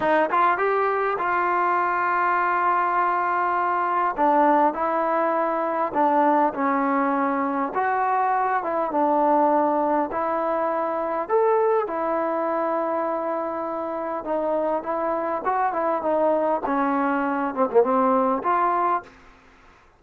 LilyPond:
\new Staff \with { instrumentName = "trombone" } { \time 4/4 \tempo 4 = 101 dis'8 f'8 g'4 f'2~ | f'2. d'4 | e'2 d'4 cis'4~ | cis'4 fis'4. e'8 d'4~ |
d'4 e'2 a'4 | e'1 | dis'4 e'4 fis'8 e'8 dis'4 | cis'4. c'16 ais16 c'4 f'4 | }